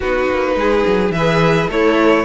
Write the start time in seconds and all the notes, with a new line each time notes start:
0.00 B3 D#4 F#4 B4
0.30 A#3
0.55 G#3 G#4
0.86 F#3
1.10 E3 B4 E5
1.17 G#4
1.68 A3 E4 A4 C#5